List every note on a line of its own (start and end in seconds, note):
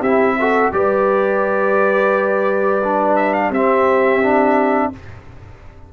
0.00 0.71 C4
0.00 0.39 E4
0.00 0.35 G4
0.00 0.72 E5
0.39 0.73 F#4
0.39 0.74 A4
0.73 3.50 G3
0.73 2.82 G4
0.73 3.50 B4
0.73 3.16 D5
2.83 3.53 D4
3.16 3.33 E5
3.33 3.51 F5
3.50 4.90 C4
3.50 4.23 C4
3.50 4.89 G4
3.50 4.93 E5
4.23 4.92 D4